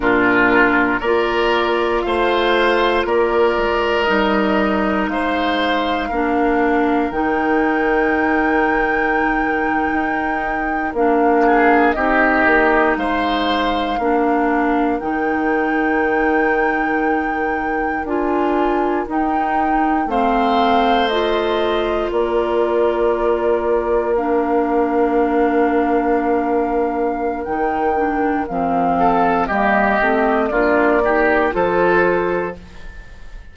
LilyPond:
<<
  \new Staff \with { instrumentName = "flute" } { \time 4/4 \tempo 4 = 59 ais'4 d''4 f''4 d''4 | dis''4 f''2 g''4~ | g''2~ g''8. f''4 dis''16~ | dis''8. f''2 g''4~ g''16~ |
g''4.~ g''16 gis''4 g''4 f''16~ | f''8. dis''4 d''2 f''16~ | f''2. g''4 | f''4 dis''4 d''4 c''4 | }
  \new Staff \with { instrumentName = "oboe" } { \time 4/4 f'4 ais'4 c''4 ais'4~ | ais'4 c''4 ais'2~ | ais'2.~ ais'16 gis'8 g'16~ | g'8. c''4 ais'2~ ais'16~ |
ais'2.~ ais'8. c''16~ | c''4.~ c''16 ais'2~ ais'16~ | ais'1~ | ais'8 a'8 g'4 f'8 g'8 a'4 | }
  \new Staff \with { instrumentName = "clarinet" } { \time 4/4 d'4 f'2. | dis'2 d'4 dis'4~ | dis'2~ dis'8. d'4 dis'16~ | dis'4.~ dis'16 d'4 dis'4~ dis'16~ |
dis'4.~ dis'16 f'4 dis'4 c'16~ | c'8. f'2. d'16~ | d'2. dis'8 d'8 | c'4 ais8 c'8 d'8 dis'8 f'4 | }
  \new Staff \with { instrumentName = "bassoon" } { \time 4/4 ais,4 ais4 a4 ais8 gis8 | g4 gis4 ais4 dis4~ | dis4.~ dis16 dis'4 ais4 c'16~ | c'16 ais8 gis4 ais4 dis4~ dis16~ |
dis4.~ dis16 d'4 dis'4 a16~ | a4.~ a16 ais2~ ais16~ | ais2. dis4 | f4 g8 a8 ais4 f4 | }
>>